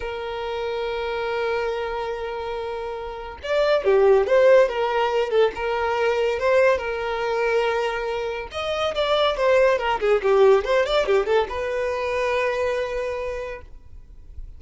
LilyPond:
\new Staff \with { instrumentName = "violin" } { \time 4/4 \tempo 4 = 141 ais'1~ | ais'1 | d''4 g'4 c''4 ais'4~ | ais'8 a'8 ais'2 c''4 |
ais'1 | dis''4 d''4 c''4 ais'8 gis'8 | g'4 c''8 d''8 g'8 a'8 b'4~ | b'1 | }